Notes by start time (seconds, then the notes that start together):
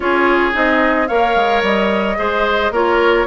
0.00 C#4 F4 G#4 C#5
0.52 C4 D#4 D#5
1.07 A#3 A#4 C#5 F5
1.35 G#3
1.62 G3 D#5
2.17 G#3 G#4 C5
2.70 A#3 F4 A#4 C#5